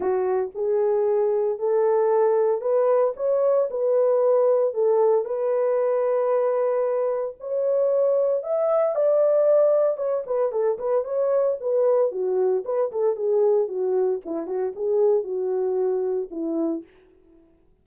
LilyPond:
\new Staff \with { instrumentName = "horn" } { \time 4/4 \tempo 4 = 114 fis'4 gis'2 a'4~ | a'4 b'4 cis''4 b'4~ | b'4 a'4 b'2~ | b'2 cis''2 |
e''4 d''2 cis''8 b'8 | a'8 b'8 cis''4 b'4 fis'4 | b'8 a'8 gis'4 fis'4 e'8 fis'8 | gis'4 fis'2 e'4 | }